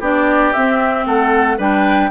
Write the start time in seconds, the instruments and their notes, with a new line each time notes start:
0.00 bassoon B3, clarinet D4, oboe G4, flute D5
0.53 clarinet C4, bassoon C4, flute E5
1.06 bassoon A3, oboe A4, flute F#5
1.57 bassoon G3, clarinet D4, oboe B4, flute G5